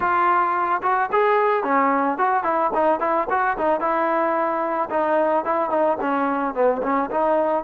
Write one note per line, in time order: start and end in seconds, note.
0.00 0.81 F4
0.82 1.09 F#4
1.12 1.63 G#4
1.63 2.17 C#4
2.17 2.43 F#4
2.43 2.70 E4
2.74 3.00 D#4
3.00 3.27 E4
3.30 3.57 F#4
3.57 3.80 D#4
3.80 4.89 E4
4.90 5.44 D#4
5.44 5.70 E4
5.70 5.97 D#4
6.00 6.54 C#4
6.54 6.81 B3
6.82 7.09 C#4
7.10 7.63 D#4